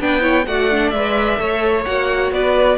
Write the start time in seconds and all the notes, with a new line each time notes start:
0.00 B3 D4 B4 G5
0.20 E4 C#5
0.46 A3 F#4 D5 F#5
0.71 D4
0.90 G#3 B4 E5
1.37 A3 A4 C#5
1.85 A#3 F#4 F#5
2.31 B3 B4 D5